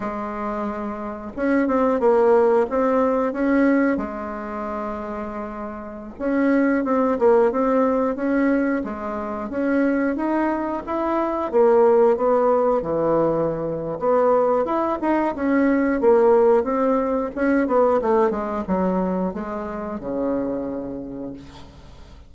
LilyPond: \new Staff \with { instrumentName = "bassoon" } { \time 4/4 \tempo 4 = 90 gis2 cis'8 c'8 ais4 | c'4 cis'4 gis2~ | gis4~ gis16 cis'4 c'8 ais8 c'8.~ | c'16 cis'4 gis4 cis'4 dis'8.~ |
dis'16 e'4 ais4 b4 e8.~ | e4 b4 e'8 dis'8 cis'4 | ais4 c'4 cis'8 b8 a8 gis8 | fis4 gis4 cis2 | }